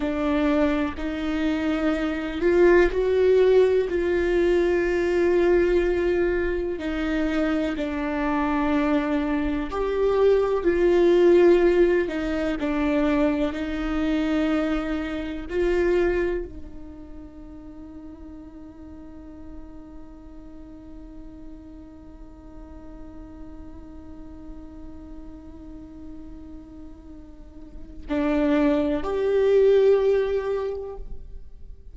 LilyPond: \new Staff \with { instrumentName = "viola" } { \time 4/4 \tempo 4 = 62 d'4 dis'4. f'8 fis'4 | f'2. dis'4 | d'2 g'4 f'4~ | f'8 dis'8 d'4 dis'2 |
f'4 dis'2.~ | dis'1~ | dis'1~ | dis'4 d'4 g'2 | }